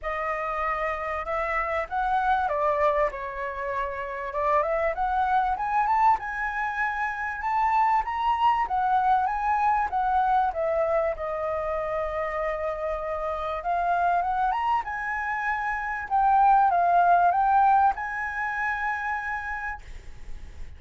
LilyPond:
\new Staff \with { instrumentName = "flute" } { \time 4/4 \tempo 4 = 97 dis''2 e''4 fis''4 | d''4 cis''2 d''8 e''8 | fis''4 gis''8 a''8 gis''2 | a''4 ais''4 fis''4 gis''4 |
fis''4 e''4 dis''2~ | dis''2 f''4 fis''8 ais''8 | gis''2 g''4 f''4 | g''4 gis''2. | }